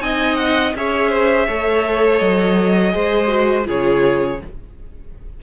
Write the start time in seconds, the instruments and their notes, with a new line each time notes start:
0.00 cello C4, viola D#4, violin D#5 G#5
0.36 violin F#5
0.75 cello C#4, viola G#4, violin C#5 E5
1.10 violin C5
1.46 cello A3, viola A4, violin C#5
2.18 cello F#3, violin D#5
2.91 cello G#3, viola G#4, violin C5
3.27 viola F#4
3.64 cello C#3, viola F4, violin G#4 C#5